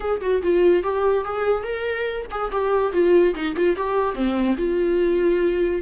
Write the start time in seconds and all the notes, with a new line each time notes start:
0.00 G#4
0.21 F#4
0.42 F4
0.83 G4
1.24 G#4
1.63 A#4
2.30 G#4
2.51 G4
2.92 F4
3.34 D#4
3.56 F4
3.76 G4
4.15 C4
4.57 F4